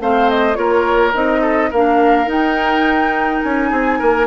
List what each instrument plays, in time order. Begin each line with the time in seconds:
0.00 bassoon A3, clarinet C4, oboe C5, flute F5
0.30 flute D#5
0.54 bassoon A#3, clarinet F4, oboe A#4, flute C#5
1.13 bassoon C4, clarinet D#4, flute D#5
1.41 oboe A4
1.70 bassoon A#3, clarinet D4, oboe A#4, flute F5
2.26 clarinet D#4, bassoon D#4, flute G5
3.42 bassoon C#4, flute G#5
3.69 bassoon C4, oboe G#4
3.99 bassoon A#3, oboe A#4